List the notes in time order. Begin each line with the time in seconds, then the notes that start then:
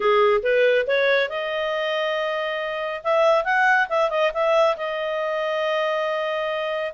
0.00 G#4
0.42 B4
0.87 C#5
1.29 D#5
3.03 E5
3.44 F#5
3.89 E5
4.10 D#5
4.33 E5
4.76 D#5